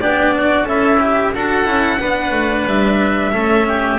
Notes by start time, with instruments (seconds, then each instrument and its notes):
0.00 double bass B3, cello D4, oboe G4, violin D5
0.36 oboe F#4
0.64 double bass C#4, oboe E4, cello A4, violin E5
1.00 cello G4
1.34 double bass D4, cello F#4, oboe A4, violin F#5
1.65 double bass C#4, cello E4
2.00 double bass B3, cello D4, oboe B4
2.31 double bass A3
2.65 double bass G3, violin E5
3.31 double bass A3, cello C#4, oboe A4
3.67 oboe G4